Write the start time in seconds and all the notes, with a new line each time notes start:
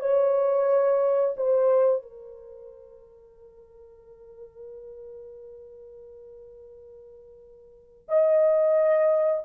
0.00 C#5
1.37 C5
2.03 A#4
8.09 D#5